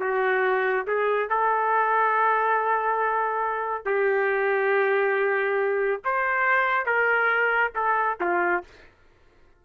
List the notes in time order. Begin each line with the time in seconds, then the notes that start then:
0.00 F#4
0.87 G#4
1.29 A4
3.85 G4
6.05 C5
6.86 A#4
7.75 A4
8.21 F4